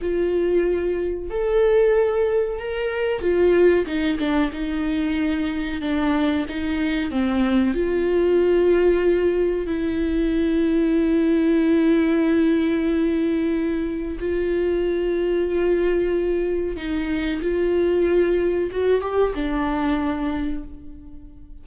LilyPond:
\new Staff \with { instrumentName = "viola" } { \time 4/4 \tempo 4 = 93 f'2 a'2 | ais'4 f'4 dis'8 d'8 dis'4~ | dis'4 d'4 dis'4 c'4 | f'2. e'4~ |
e'1~ | e'2 f'2~ | f'2 dis'4 f'4~ | f'4 fis'8 g'8 d'2 | }